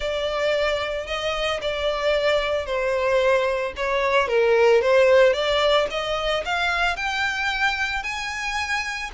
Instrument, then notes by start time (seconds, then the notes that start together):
violin
0.00 D5
1.06 D#5
1.61 D5
2.65 C5
3.76 C#5
4.27 A#4
4.81 C5
5.33 D5
5.90 D#5
6.45 F5
6.96 G5
8.03 G#5